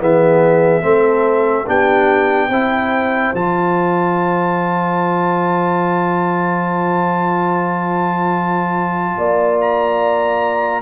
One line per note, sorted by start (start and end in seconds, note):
0.00 0.84 E3
0.00 0.82 B3
0.00 0.84 G#4
0.00 1.69 E5
0.82 1.67 A3
0.82 1.65 C4
0.82 1.67 A4
1.66 2.49 B3
1.66 2.50 D4
1.66 2.49 G4
1.66 3.35 G5
2.49 3.32 C4
2.49 3.35 E4
2.49 9.15 C5
3.34 9.17 F3
3.34 10.82 F4
3.34 9.60 A5
9.17 10.82 A#3
9.17 10.82 D5
9.61 10.82 A#5